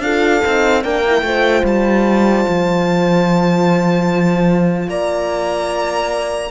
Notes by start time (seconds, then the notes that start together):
0.00 D4 F4 A4 F5
0.43 C4 D#4
0.83 A#3 D4 A#4 G5
1.07 E4
1.22 A3 F4 C5
1.64 G3 A5
2.49 F3
4.88 A#3 D5 A#5